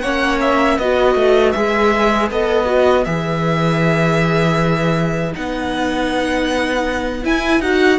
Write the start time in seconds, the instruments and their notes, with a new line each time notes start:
0.00 cello A#3, viola C#4, violin C#5 F#5
0.41 violin E5
0.76 cello B3, viola F#4, violin B4 D#5
1.15 cello A3
1.52 cello G#3, viola G#4, violin E5
2.31 cello B3, viola A4, violin D#5
2.65 viola F#4
3.04 cello E3, viola G#4, violin E5
5.32 cello B3, viola D#4, violin F#5
7.23 viola E4, cello E4, violin G#5
7.60 cello D#4, viola F#4, violin F#5